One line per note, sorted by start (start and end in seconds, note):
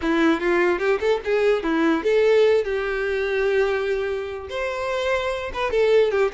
0.01 0.40 E4
0.40 0.78 F4
0.78 0.99 G4
1.00 1.20 A4
1.24 1.63 G#4
1.63 2.03 E4
2.03 2.64 A4
2.64 4.48 G4
4.49 5.51 C5
5.53 5.71 B4
5.71 6.11 A4
6.11 6.31 G4